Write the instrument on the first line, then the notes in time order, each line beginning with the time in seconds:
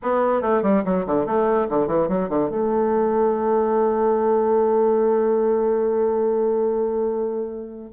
bassoon
0.02 B3
0.41 A3
0.62 G3
0.84 F#3
1.06 D3
1.26 A3
1.69 D3
1.87 E3
2.08 F#3
2.29 D3
2.50 A3